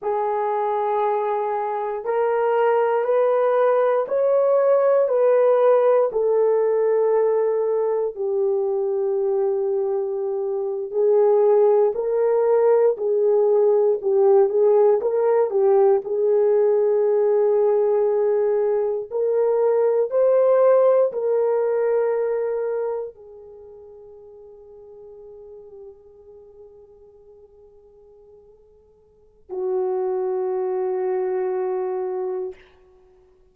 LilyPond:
\new Staff \with { instrumentName = "horn" } { \time 4/4 \tempo 4 = 59 gis'2 ais'4 b'4 | cis''4 b'4 a'2 | g'2~ g'8. gis'4 ais'16~ | ais'8. gis'4 g'8 gis'8 ais'8 g'8 gis'16~ |
gis'2~ gis'8. ais'4 c''16~ | c''8. ais'2 gis'4~ gis'16~ | gis'1~ | gis'4 fis'2. | }